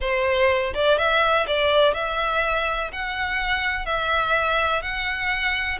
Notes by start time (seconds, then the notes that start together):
0.00 C5
0.74 D5
0.98 E5
1.47 D5
1.94 E5
2.92 F#5
3.85 E5
4.82 F#5